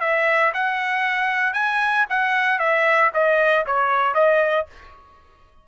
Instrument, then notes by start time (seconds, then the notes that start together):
trumpet
0.00 E5
0.54 F#5
1.53 G#5
2.09 F#5
2.58 E5
3.13 D#5
3.66 C#5
4.14 D#5